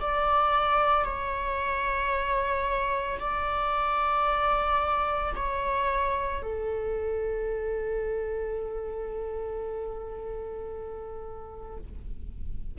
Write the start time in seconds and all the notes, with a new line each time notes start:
0.00 D5
1.04 C#5
3.19 D5
5.35 C#5
6.42 A4